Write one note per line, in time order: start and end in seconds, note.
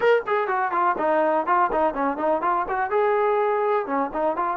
0.00 0.22 A#4
0.26 0.47 G#4
0.47 0.71 F#4
0.71 0.95 F4
0.97 1.46 D#4
1.46 1.70 F4
1.72 1.94 D#4
1.94 2.17 C#4
2.17 2.41 D#4
2.41 2.65 F4
2.68 2.90 F#4
2.90 3.86 G#4
3.86 4.10 C#4
4.13 4.36 D#4
4.36 4.56 F4